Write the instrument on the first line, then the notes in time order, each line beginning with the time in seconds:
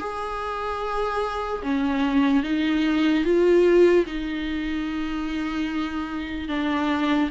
viola
0.00 G#4
1.63 C#4
2.44 D#4
3.25 F4
4.07 D#4
6.49 D4